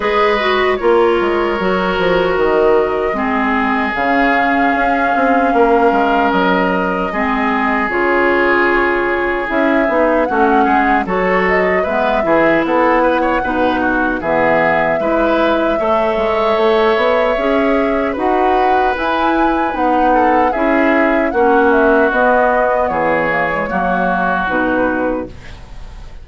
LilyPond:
<<
  \new Staff \with { instrumentName = "flute" } { \time 4/4 \tempo 4 = 76 dis''4 cis''2 dis''4~ | dis''4 f''2. | dis''2 cis''2 | e''4 fis''4 cis''8 dis''8 e''4 |
fis''2 e''2~ | e''2. fis''4 | gis''4 fis''4 e''4 fis''8 e''8 | dis''4 cis''2 b'4 | }
  \new Staff \with { instrumentName = "oboe" } { \time 4/4 b'4 ais'2. | gis'2. ais'4~ | ais'4 gis'2.~ | gis'4 fis'8 gis'8 a'4 b'8 gis'8 |
a'8 b'16 cis''16 b'8 fis'8 gis'4 b'4 | cis''2. b'4~ | b'4. a'8 gis'4 fis'4~ | fis'4 gis'4 fis'2 | }
  \new Staff \with { instrumentName = "clarinet" } { \time 4/4 gis'8 fis'8 f'4 fis'2 | c'4 cis'2.~ | cis'4 c'4 f'2 | e'8 dis'8 cis'4 fis'4 b8 e'8~ |
e'4 dis'4 b4 e'4 | a'2 gis'4 fis'4 | e'4 dis'4 e'4 cis'4 | b4. ais16 gis16 ais4 dis'4 | }
  \new Staff \with { instrumentName = "bassoon" } { \time 4/4 gis4 ais8 gis8 fis8 f8 dis4 | gis4 cis4 cis'8 c'8 ais8 gis8 | fis4 gis4 cis2 | cis'8 b8 a8 gis8 fis4 gis8 e8 |
b4 b,4 e4 gis4 | a8 gis8 a8 b8 cis'4 dis'4 | e'4 b4 cis'4 ais4 | b4 e4 fis4 b,4 | }
>>